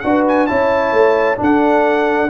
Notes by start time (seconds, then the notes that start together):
0.00 D4 F#4 B4 F#5
0.28 G#5
0.47 C#4 E4 C#5 A5
0.93 A3
1.36 D4 A4
1.43 F#5